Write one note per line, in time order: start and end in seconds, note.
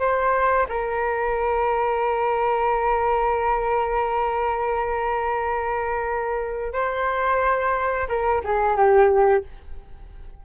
0.00 0.67 C5
0.69 6.73 A#4
6.73 8.08 C5
8.09 8.42 A#4
8.44 8.77 G#4
8.77 9.44 G4